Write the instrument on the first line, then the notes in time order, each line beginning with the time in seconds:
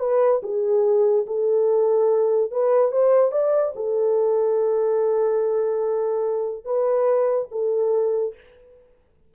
horn
0.00 B4
0.43 G#4
1.27 A4
2.52 B4
2.92 C5
3.32 D5
3.76 A4
6.65 B4
7.51 A4